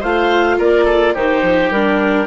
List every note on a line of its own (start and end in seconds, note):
0.00 0.59 A3
0.00 1.17 F4
0.00 0.57 C5
0.00 0.60 F5
0.58 1.16 A#3
0.58 0.85 A#4
0.58 1.15 D5
0.85 1.13 A4
1.15 1.43 D#3
1.15 1.73 D#4
1.15 2.27 G4
1.15 1.72 C5
1.43 1.71 F3
1.71 2.27 G3
1.71 2.27 D4
1.71 2.27 A#4